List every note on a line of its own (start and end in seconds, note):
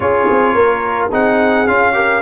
0.00 0.28 C#4
0.00 1.11 F4
0.00 0.54 G#4
0.00 1.08 C#5
0.30 0.54 C4
0.54 1.10 A#3
0.54 1.09 A#4
1.09 1.67 C4
1.09 1.66 D#4
1.09 1.92 G#4
1.09 1.67 F#5
1.67 2.21 C#4
1.67 1.92 F4
1.67 2.21 F5
1.92 2.20 G4
1.92 2.21 A#4